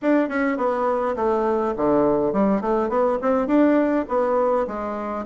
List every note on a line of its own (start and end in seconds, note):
0.02 0.28 D4
0.28 0.57 C#4
0.57 1.15 B3
1.16 1.74 A3
1.76 2.32 D3
2.32 2.61 G3
2.61 2.89 A3
2.89 3.18 B3
3.21 3.47 C4
3.47 4.05 D4
4.08 4.66 B3
4.67 5.25 G#3